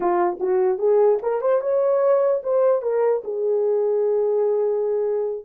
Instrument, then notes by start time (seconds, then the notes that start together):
horn
0.00 F4
0.40 F#4
0.78 G#4
1.22 A#4
1.41 C5
1.61 C#5
2.43 C5
2.82 A#4
3.23 G#4